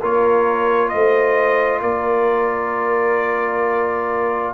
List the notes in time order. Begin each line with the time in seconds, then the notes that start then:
0.00 A#3 F4 A#4 C#5
0.89 A3 C5 D#5
1.81 A#3 A#4 D5